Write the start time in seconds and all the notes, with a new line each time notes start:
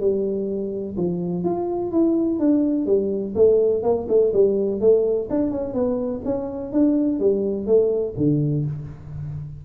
0.00 G3
0.97 F3
1.44 F4
1.92 E4
2.39 D4
2.86 G3
3.35 A3
3.83 A#3
4.09 A3
4.33 G3
4.80 A3
5.30 D4
5.51 C#4
5.73 B3
6.25 C#4
6.73 D4
7.20 G3
7.66 A3
8.17 D3